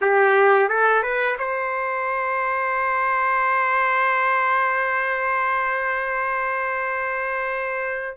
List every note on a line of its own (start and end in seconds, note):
0.01 0.68 G4
0.68 1.02 A4
1.02 1.36 B4
1.38 8.17 C5